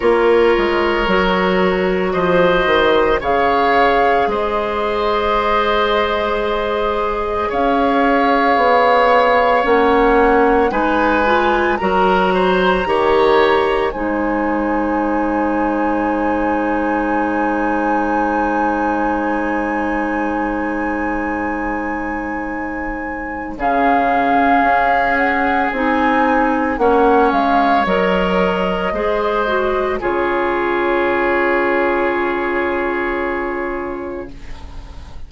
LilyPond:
<<
  \new Staff \with { instrumentName = "flute" } { \time 4/4 \tempo 4 = 56 cis''2 dis''4 f''4 | dis''2. f''4~ | f''4 fis''4 gis''4 ais''4~ | ais''4 gis''2.~ |
gis''1~ | gis''2 f''4. fis''8 | gis''4 fis''8 f''8 dis''2 | cis''1 | }
  \new Staff \with { instrumentName = "oboe" } { \time 4/4 ais'2 c''4 cis''4 | c''2. cis''4~ | cis''2 b'4 ais'8 c''8 | cis''4 c''2.~ |
c''1~ | c''2 gis'2~ | gis'4 cis''2 c''4 | gis'1 | }
  \new Staff \with { instrumentName = "clarinet" } { \time 4/4 f'4 fis'2 gis'4~ | gis'1~ | gis'4 cis'4 dis'8 f'8 fis'4 | g'4 dis'2.~ |
dis'1~ | dis'2 cis'2 | dis'4 cis'4 ais'4 gis'8 fis'8 | f'1 | }
  \new Staff \with { instrumentName = "bassoon" } { \time 4/4 ais8 gis8 fis4 f8 dis8 cis4 | gis2. cis'4 | b4 ais4 gis4 fis4 | dis4 gis2.~ |
gis1~ | gis2 cis4 cis'4 | c'4 ais8 gis8 fis4 gis4 | cis1 | }
>>